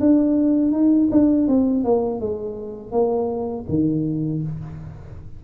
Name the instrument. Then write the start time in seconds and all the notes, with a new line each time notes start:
tuba
0.00 D4
0.72 D#4
1.11 D4
1.48 C4
1.84 A#3
2.20 G#3
2.92 A#3
3.69 D#3